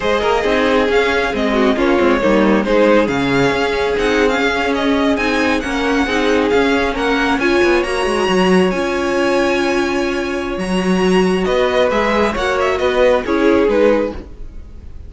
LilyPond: <<
  \new Staff \with { instrumentName = "violin" } { \time 4/4 \tempo 4 = 136 dis''2 f''4 dis''4 | cis''2 c''4 f''4~ | f''4 fis''8. f''4 dis''4 gis''16~ | gis''8. fis''2 f''4 fis''16~ |
fis''8. gis''4 ais''2 gis''16~ | gis''1 | ais''2 dis''4 e''4 | fis''8 e''8 dis''4 cis''4 b'4 | }
  \new Staff \with { instrumentName = "violin" } { \time 4/4 c''8 ais'8 gis'2~ gis'8 fis'8 | f'4 dis'4 gis'2~ | gis'1~ | gis'8. ais'4 gis'2 ais'16~ |
ais'8. cis''2.~ cis''16~ | cis''1~ | cis''2 b'2 | cis''4 b'4 gis'2 | }
  \new Staff \with { instrumentName = "viola" } { \time 4/4 gis'4 dis'4 cis'4 c'4 | cis'8 c'8 ais4 dis'4 cis'4~ | cis'4 dis'8. cis'2 dis'16~ | dis'8. cis'4 dis'4 cis'4~ cis'16~ |
cis'8. f'4 fis'2 f'16~ | f'1 | fis'2. gis'4 | fis'2 e'4 dis'4 | }
  \new Staff \with { instrumentName = "cello" } { \time 4/4 gis8 ais8 c'4 cis'4 gis4 | ais8 gis8 g4 gis4 cis4 | cis'4 c'4 cis'4.~ cis'16 c'16~ | c'8. ais4 c'4 cis'4 ais16~ |
ais8. cis'8 b8 ais8 gis8 fis4 cis'16~ | cis'1 | fis2 b4 gis4 | ais4 b4 cis'4 gis4 | }
>>